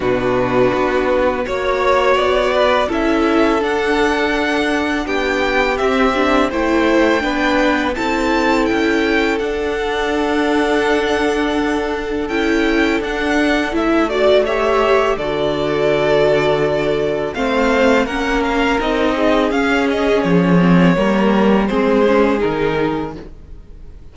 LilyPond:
<<
  \new Staff \with { instrumentName = "violin" } { \time 4/4 \tempo 4 = 83 b'2 cis''4 d''4 | e''4 fis''2 g''4 | e''4 g''2 a''4 | g''4 fis''2.~ |
fis''4 g''4 fis''4 e''8 d''8 | e''4 d''2. | f''4 fis''8 f''8 dis''4 f''8 dis''8 | cis''2 c''4 ais'4 | }
  \new Staff \with { instrumentName = "violin" } { \time 4/4 fis'2 cis''4. b'8 | a'2. g'4~ | g'4 c''4 b'4 a'4~ | a'1~ |
a'2.~ a'8 d''8 | cis''4 a'2. | c''4 ais'4. gis'4.~ | gis'4 ais'4 gis'2 | }
  \new Staff \with { instrumentName = "viola" } { \time 4/4 d'2 fis'2 | e'4 d'2. | c'8 d'8 e'4 d'4 e'4~ | e'4 d'2.~ |
d'4 e'4 d'4 e'8 fis'8 | g'4 fis'2. | c'4 cis'4 dis'4 cis'4~ | cis'8 c'8 ais4 c'8 cis'8 dis'4 | }
  \new Staff \with { instrumentName = "cello" } { \time 4/4 b,4 b4 ais4 b4 | cis'4 d'2 b4 | c'4 a4 b4 c'4 | cis'4 d'2.~ |
d'4 cis'4 d'4 a4~ | a4 d2. | a4 ais4 c'4 cis'4 | f4 g4 gis4 dis4 | }
>>